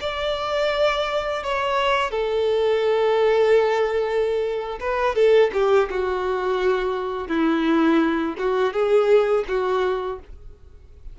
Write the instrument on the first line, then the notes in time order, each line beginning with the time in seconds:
violin
0.00 D5
1.43 C#5
2.11 A4
4.80 B4
5.15 A4
5.53 G4
5.90 F#4
7.28 E4
8.38 F#4
8.73 G#4
9.48 F#4